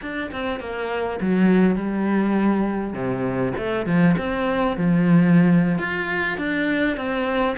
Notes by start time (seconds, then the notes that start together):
0.01 D4
0.31 C4
0.60 A#3
1.20 F#3
1.75 G3
2.93 C3
3.57 A3
3.86 F3
4.17 C4
4.76 F3
5.78 F4
6.37 D4
6.96 C4